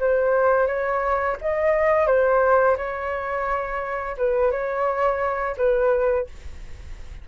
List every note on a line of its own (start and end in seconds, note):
0.00 0.67 C5
0.67 1.37 C#5
1.41 2.07 D#5
2.07 2.77 C5
2.77 4.16 C#5
4.18 4.52 B4
4.52 5.56 C#5
5.58 6.27 B4